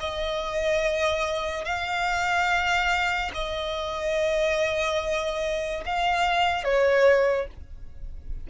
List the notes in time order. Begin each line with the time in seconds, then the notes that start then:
0.00 D#5
1.64 F5
3.34 D#5
5.86 F5
6.64 C#5